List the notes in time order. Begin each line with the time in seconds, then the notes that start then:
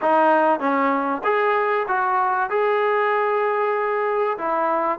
0.01 D#4
0.59 C#4
1.24 G#4
1.88 F#4
2.50 G#4
4.38 E4